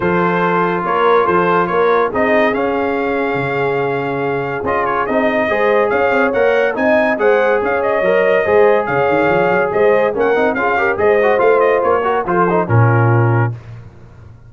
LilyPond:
<<
  \new Staff \with { instrumentName = "trumpet" } { \time 4/4 \tempo 4 = 142 c''2 cis''4 c''4 | cis''4 dis''4 f''2~ | f''2. dis''8 cis''8 | dis''2 f''4 fis''4 |
gis''4 fis''4 f''8 dis''4.~ | dis''4 f''2 dis''4 | fis''4 f''4 dis''4 f''8 dis''8 | cis''4 c''4 ais'2 | }
  \new Staff \with { instrumentName = "horn" } { \time 4/4 a'2 ais'4 a'4 | ais'4 gis'2.~ | gis'1~ | gis'4 c''4 cis''2 |
dis''4 c''4 cis''2 | c''4 cis''2 c''4 | ais'4 gis'8 ais'8 c''2~ | c''8 ais'8 a'4 f'2 | }
  \new Staff \with { instrumentName = "trombone" } { \time 4/4 f'1~ | f'4 dis'4 cis'2~ | cis'2. f'4 | dis'4 gis'2 ais'4 |
dis'4 gis'2 ais'4 | gis'1 | cis'8 dis'8 f'8 g'8 gis'8 fis'8 f'4~ | f'8 fis'8 f'8 dis'8 cis'2 | }
  \new Staff \with { instrumentName = "tuba" } { \time 4/4 f2 ais4 f4 | ais4 c'4 cis'2 | cis2. cis'4 | c'4 gis4 cis'8 c'8 ais4 |
c'4 gis4 cis'4 fis4 | gis4 cis8 dis8 f8 fis8 gis4 | ais8 c'8 cis'4 gis4 a4 | ais4 f4 ais,2 | }
>>